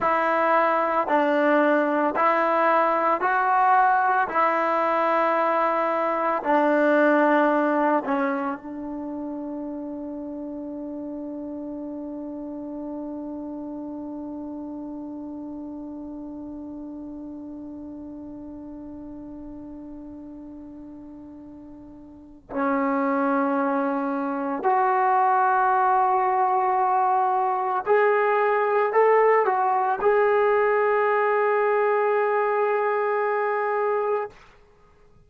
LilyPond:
\new Staff \with { instrumentName = "trombone" } { \time 4/4 \tempo 4 = 56 e'4 d'4 e'4 fis'4 | e'2 d'4. cis'8 | d'1~ | d'1~ |
d'1~ | d'4 cis'2 fis'4~ | fis'2 gis'4 a'8 fis'8 | gis'1 | }